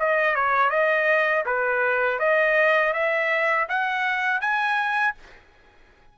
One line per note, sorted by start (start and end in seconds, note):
0.00 0.36 D#5
0.36 0.71 C#5
0.71 1.45 D#5
1.46 2.20 B4
2.20 2.94 D#5
2.94 3.68 E5
3.69 4.41 F#5
4.41 5.15 G#5